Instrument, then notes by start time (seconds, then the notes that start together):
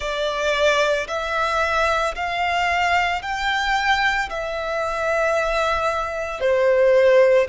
violin
0.00 D5
1.07 E5
2.15 F5
3.21 G5
4.29 E5
6.40 C5